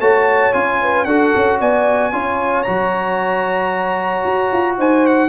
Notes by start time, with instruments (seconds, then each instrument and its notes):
0.00 tuba A3, trombone F#4, horn C#5, trumpet A5
0.54 tuba C#4, trombone F4, trumpet G#5
0.82 horn B4
1.05 tuba D4, trombone F#4, horn A4, trumpet F#5
1.36 tuba C#4
1.61 tuba B3, horn D5, trumpet G#5
2.13 tuba C#4, trombone F4, horn C#5
2.63 tuba F#3, trombone F#4, trumpet A#5
4.25 tuba F#4
4.53 tuba F4
4.79 tuba D#4, horn C5, trumpet G#5
5.07 trumpet F#5